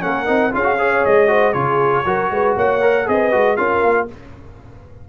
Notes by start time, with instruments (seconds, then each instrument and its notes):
0.00 tuba A#3, trombone C#4, horn A#4, trumpet F#5
0.25 tuba C4, trombone D#4
0.51 tuba C#4, trombone F4, horn G#4, trumpet F5
0.63 trombone F#4
0.78 trombone G#4, horn C#5
1.05 tuba G#3, trumpet D#5
1.27 trombone F#4, horn C5
1.53 tuba C#3, trombone F4, horn G#4, trumpet C#5
2.05 tuba F#3, trombone F#4, horn A#4
2.30 tuba G#3, horn B4
2.56 tuba A#3, horn C#5, trumpet F#5
2.81 trombone A#4
3.06 tuba C4, trombone G#4, horn B4, trumpet D#5
3.31 tuba G#3, trombone F#4
3.56 tuba C#4, trombone F4, horn A#4, trumpet F5
3.83 tuba A#3